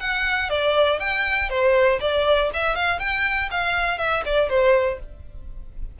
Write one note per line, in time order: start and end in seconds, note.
0.00 0.50 F#5
0.50 1.00 D5
1.00 1.49 G5
1.49 1.99 C5
2.00 2.50 D5
2.53 2.75 E5
2.75 2.99 F5
2.99 3.49 G5
3.51 3.98 F5
3.98 4.23 E5
4.25 4.49 D5
4.49 4.99 C5